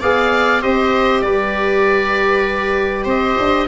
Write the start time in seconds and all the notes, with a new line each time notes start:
0.00 B3 G#4 D5 F5
0.61 C4 G4 C5 D#5
1.21 G3 B4 D5
3.04 C4 C5 D#5
3.38 D4